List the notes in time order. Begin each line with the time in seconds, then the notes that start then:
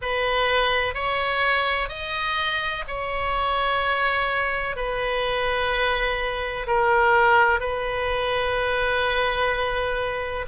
0.01 B4
0.94 C#5
1.88 D#5
2.87 C#5
4.76 B4
6.66 A#4
7.59 B4